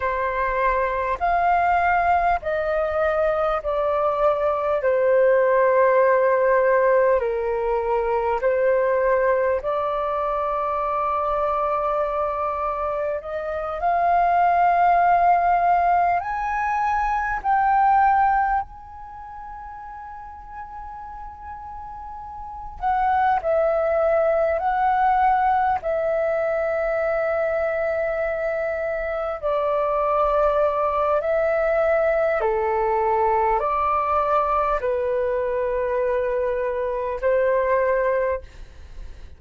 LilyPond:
\new Staff \with { instrumentName = "flute" } { \time 4/4 \tempo 4 = 50 c''4 f''4 dis''4 d''4 | c''2 ais'4 c''4 | d''2. dis''8 f''8~ | f''4. gis''4 g''4 gis''8~ |
gis''2. fis''8 e''8~ | e''8 fis''4 e''2~ e''8~ | e''8 d''4. e''4 a'4 | d''4 b'2 c''4 | }